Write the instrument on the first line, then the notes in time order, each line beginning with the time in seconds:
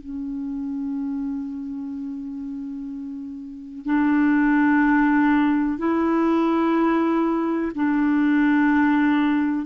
clarinet
0.00 C#4
3.85 D4
5.78 E4
7.75 D4